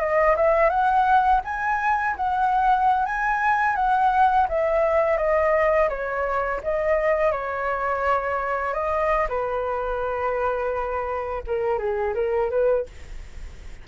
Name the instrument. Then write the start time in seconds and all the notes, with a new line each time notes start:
flute
0.00 D#5
0.36 E5
0.70 F#5
1.45 G#5
2.17 F#5
3.06 G#5
3.76 F#5
4.49 E5
5.18 D#5
5.90 C#5
6.64 D#5
7.32 C#5
8.74 D#5
9.29 B4
11.47 A#4
11.79 G#4
12.15 A#4
12.51 B4